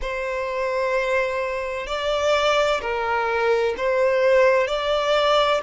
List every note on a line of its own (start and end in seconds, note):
0.01 1.87 C5
1.87 2.80 D5
2.81 3.75 A#4
3.77 4.67 C5
4.67 5.60 D5